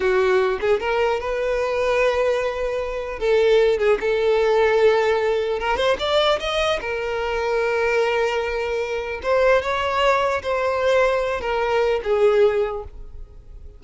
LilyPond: \new Staff \with { instrumentName = "violin" } { \time 4/4 \tempo 4 = 150 fis'4. gis'8 ais'4 b'4~ | b'1 | a'4. gis'8 a'2~ | a'2 ais'8 c''8 d''4 |
dis''4 ais'2.~ | ais'2. c''4 | cis''2 c''2~ | c''8 ais'4. gis'2 | }